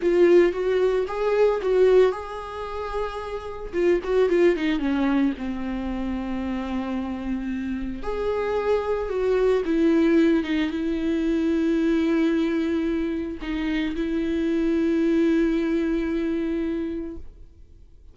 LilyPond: \new Staff \with { instrumentName = "viola" } { \time 4/4 \tempo 4 = 112 f'4 fis'4 gis'4 fis'4 | gis'2. f'8 fis'8 | f'8 dis'8 cis'4 c'2~ | c'2. gis'4~ |
gis'4 fis'4 e'4. dis'8 | e'1~ | e'4 dis'4 e'2~ | e'1 | }